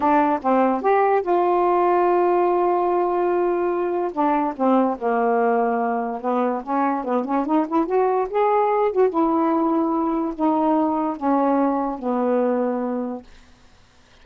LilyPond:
\new Staff \with { instrumentName = "saxophone" } { \time 4/4 \tempo 4 = 145 d'4 c'4 g'4 f'4~ | f'1~ | f'2 d'4 c'4 | ais2. b4 |
cis'4 b8 cis'8 dis'8 e'8 fis'4 | gis'4. fis'8 e'2~ | e'4 dis'2 cis'4~ | cis'4 b2. | }